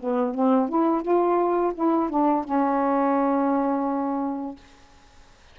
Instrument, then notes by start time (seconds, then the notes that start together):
saxophone
0.00 B3
0.35 C4
0.69 E4
1.02 F4
1.75 E4
2.10 D4
2.45 C#4